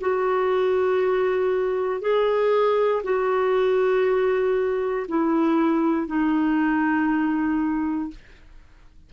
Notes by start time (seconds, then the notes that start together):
0.00 F#4
2.01 G#4
3.03 F#4
5.08 E4
6.07 D#4